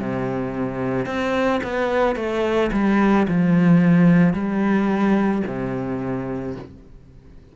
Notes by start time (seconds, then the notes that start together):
0.00 C3
1.06 C4
1.64 B3
2.16 A3
2.73 G3
3.28 F3
4.33 G3
5.47 C3